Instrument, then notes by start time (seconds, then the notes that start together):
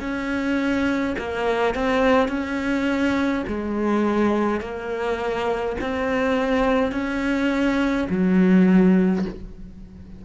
cello
0.00 C#4
1.18 A#3
1.74 C4
2.28 C#4
3.47 G#3
4.60 A#3
5.81 C4
6.92 C#4
8.09 F#3